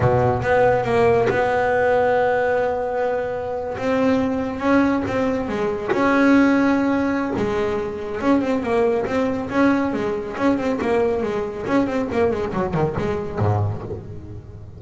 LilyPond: \new Staff \with { instrumentName = "double bass" } { \time 4/4 \tempo 4 = 139 b,4 b4 ais4 b4~ | b1~ | b8. c'2 cis'4 c'16~ | c'8. gis4 cis'2~ cis'16~ |
cis'4 gis2 cis'8 c'8 | ais4 c'4 cis'4 gis4 | cis'8 c'8 ais4 gis4 cis'8 c'8 | ais8 gis8 fis8 dis8 gis4 gis,4 | }